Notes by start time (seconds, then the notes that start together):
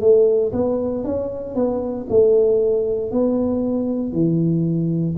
0.00 A3
0.52 B3
1.04 C#4
1.55 B3
2.09 A3
3.11 B3
4.13 E3